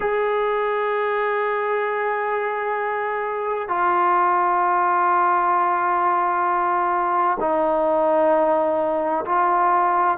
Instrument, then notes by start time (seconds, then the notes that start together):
trombone
0.00 G#4
3.68 F4
7.40 D#4
9.25 F4